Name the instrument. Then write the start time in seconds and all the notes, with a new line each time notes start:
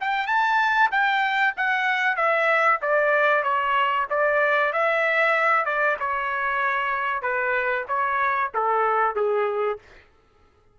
trumpet
0.00 G5
0.26 A5
0.91 G5
1.56 F#5
2.16 E5
2.82 D5
3.43 C#5
4.10 D5
4.73 E5
5.65 D5
5.99 C#5
7.22 B4
7.88 C#5
8.54 A4
9.16 G#4